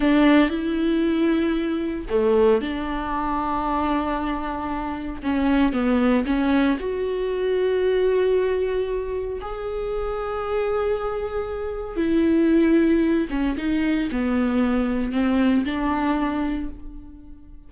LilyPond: \new Staff \with { instrumentName = "viola" } { \time 4/4 \tempo 4 = 115 d'4 e'2. | a4 d'2.~ | d'2 cis'4 b4 | cis'4 fis'2.~ |
fis'2 gis'2~ | gis'2. e'4~ | e'4. cis'8 dis'4 b4~ | b4 c'4 d'2 | }